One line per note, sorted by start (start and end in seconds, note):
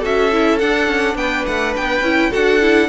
0.00 0.62 C#4
0.00 0.31 F#4
0.00 1.15 A4
0.00 0.59 E5
0.32 0.60 E4
0.59 2.04 D4
0.59 0.87 D4
0.59 1.16 F#5
0.87 1.15 C#4
1.15 1.44 B3
1.15 2.30 B4
1.15 1.46 G5
1.46 1.76 A3
1.46 1.75 F#5
1.76 2.02 B3
1.76 2.33 G5
2.02 2.30 C#4
2.02 2.31 E4
2.30 2.89 D4
2.30 2.60 F#4
2.30 2.88 A4
2.30 2.89 F#5
2.61 2.89 E4